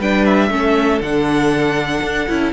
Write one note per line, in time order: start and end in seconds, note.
0.00 0.50 G3
0.00 0.51 D4
0.00 0.50 B4
0.00 0.26 G5
0.26 1.02 E5
0.50 1.01 A3
0.50 1.01 C#4
0.50 2.53 A4
1.01 2.02 D3
1.01 2.29 D4
1.01 2.53 F#5
2.03 2.28 D4
2.29 2.53 C#4
2.29 2.53 E4